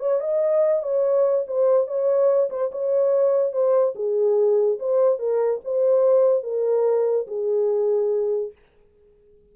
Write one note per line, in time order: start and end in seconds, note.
0.00 0.21 C#5
0.21 0.83 D#5
0.83 1.46 C#5
1.48 1.87 C5
1.87 2.50 C#5
2.50 2.71 C5
2.72 3.53 C#5
3.53 3.95 C5
3.96 4.79 G#4
4.80 5.19 C5
5.19 5.61 A#4
5.65 6.44 C5
6.44 7.27 A#4
7.28 8.53 G#4